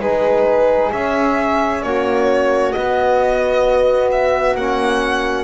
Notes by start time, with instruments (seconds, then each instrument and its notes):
0.00 double bass G#3, trombone D#4, flute G#4, violin B4
0.92 double bass C#4, trombone C#4, violin E5
1.83 double bass A#3, flute F#4, violin C#5
2.73 trombone B3, double bass B3, violin D#5
4.12 violin E5
4.55 double bass A#3, trombone C#4, violin F#5